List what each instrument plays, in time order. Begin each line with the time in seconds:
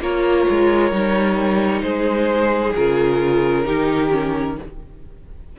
0.00 cello A#3, viola F4, violin A#4 C#5
0.50 cello G#3
0.91 cello G3, viola D#4
1.82 cello G#3, violin G#4 C5
2.76 cello C#3, viola F4, violin A#4
3.65 cello D#3, viola D#4, violin G4
4.11 viola C#4